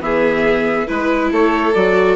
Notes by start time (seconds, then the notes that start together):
0.00 E3 B3 G#4 E5
0.87 G#3 E4 B4
1.32 A3 A4 C#5
1.74 F#3 F#4 D5